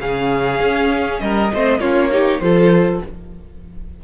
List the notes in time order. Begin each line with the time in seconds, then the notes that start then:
0.00 C#3 C#4 G#4 F5
0.60 C#4
1.21 G3 A#4 D#5
1.54 A3 C4 C5
1.80 A#3 C#4 F4 C#5
2.11 D#4 G4
2.40 F3 F4 A4 C5